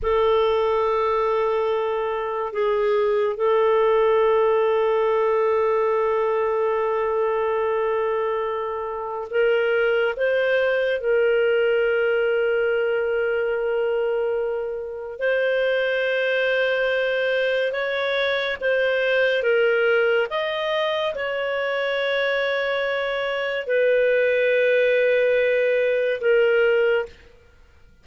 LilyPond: \new Staff \with { instrumentName = "clarinet" } { \time 4/4 \tempo 4 = 71 a'2. gis'4 | a'1~ | a'2. ais'4 | c''4 ais'2.~ |
ais'2 c''2~ | c''4 cis''4 c''4 ais'4 | dis''4 cis''2. | b'2. ais'4 | }